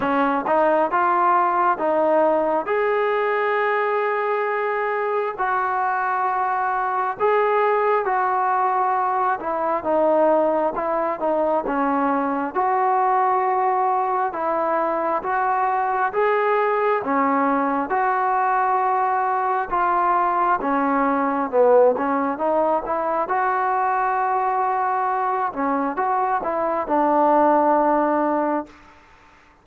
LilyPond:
\new Staff \with { instrumentName = "trombone" } { \time 4/4 \tempo 4 = 67 cis'8 dis'8 f'4 dis'4 gis'4~ | gis'2 fis'2 | gis'4 fis'4. e'8 dis'4 | e'8 dis'8 cis'4 fis'2 |
e'4 fis'4 gis'4 cis'4 | fis'2 f'4 cis'4 | b8 cis'8 dis'8 e'8 fis'2~ | fis'8 cis'8 fis'8 e'8 d'2 | }